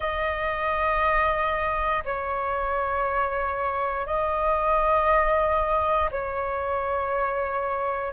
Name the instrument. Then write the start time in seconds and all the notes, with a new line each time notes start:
flute
0.00 D#5
2.04 C#5
4.06 D#5
6.11 C#5